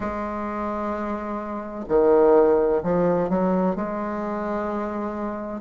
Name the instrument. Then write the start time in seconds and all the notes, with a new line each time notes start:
bassoon
0.00 G#3
1.88 D#3
2.83 F3
3.29 F#3
3.75 G#3